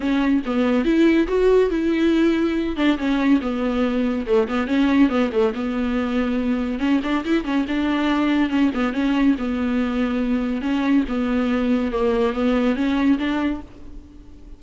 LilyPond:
\new Staff \with { instrumentName = "viola" } { \time 4/4 \tempo 4 = 141 cis'4 b4 e'4 fis'4 | e'2~ e'8 d'8 cis'4 | b2 a8 b8 cis'4 | b8 a8 b2. |
cis'8 d'8 e'8 cis'8 d'2 | cis'8 b8 cis'4 b2~ | b4 cis'4 b2 | ais4 b4 cis'4 d'4 | }